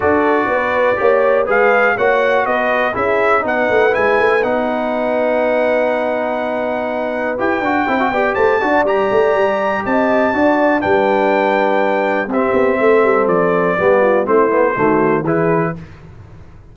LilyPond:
<<
  \new Staff \with { instrumentName = "trumpet" } { \time 4/4 \tempo 4 = 122 d''2. f''4 | fis''4 dis''4 e''4 fis''4 | gis''4 fis''2.~ | fis''2. g''4~ |
g''4 a''4 ais''2 | a''2 g''2~ | g''4 e''2 d''4~ | d''4 c''2 b'4 | }
  \new Staff \with { instrumentName = "horn" } { \time 4/4 a'4 b'4 cis''4 b'4 | cis''4 b'4 gis'4 b'4~ | b'1~ | b'1 |
e''8 d''8 c''8 d''2~ d''8 | dis''4 d''4 b'2~ | b'4 g'4 a'2 | g'8 f'8 e'4 fis'4 gis'4 | }
  \new Staff \with { instrumentName = "trombone" } { \time 4/4 fis'2 g'4 gis'4 | fis'2 e'4 dis'4 | e'4 dis'2.~ | dis'2. g'8 fis'8 |
e'16 fis'16 g'4 fis'8 g'2~ | g'4 fis'4 d'2~ | d'4 c'2. | b4 c'8 b8 a4 e'4 | }
  \new Staff \with { instrumentName = "tuba" } { \time 4/4 d'4 b4 ais4 gis4 | ais4 b4 cis'4 b8 a8 | gis8 a8 b2.~ | b2. e'8 d'8 |
c'8 b8 a8 d'8 g8 a8 g4 | c'4 d'4 g2~ | g4 c'8 b8 a8 g8 f4 | g4 a4 dis4 e4 | }
>>